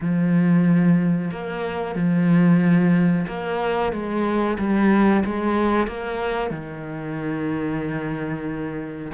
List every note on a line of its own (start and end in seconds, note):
0.00 1.31 F3
1.31 1.95 A#3
1.95 3.25 F3
3.27 3.92 A#3
3.92 4.57 G#3
4.58 5.23 G3
5.24 5.87 G#3
5.87 6.50 A#3
6.50 9.11 D#3